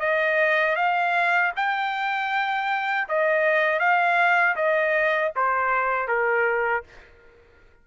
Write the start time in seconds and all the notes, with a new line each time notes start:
0.00 D#5
0.76 F5
1.56 G5
3.09 D#5
3.80 F5
4.56 D#5
5.36 C5
6.08 A#4